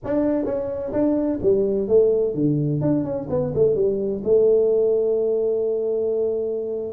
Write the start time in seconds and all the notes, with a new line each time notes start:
0.04 D4
0.45 C#4
0.92 D4
1.42 G3
1.87 A3
2.34 D3
2.81 D4
3.04 C#4
3.29 B3
3.54 A3
3.75 G3
4.24 A3